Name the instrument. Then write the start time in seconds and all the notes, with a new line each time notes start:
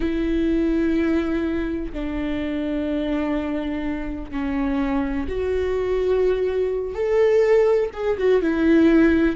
viola
0.00 E4
1.92 D4
4.31 C#4
5.28 F#4
6.94 A4
7.93 G#4
8.17 F#4
8.41 E4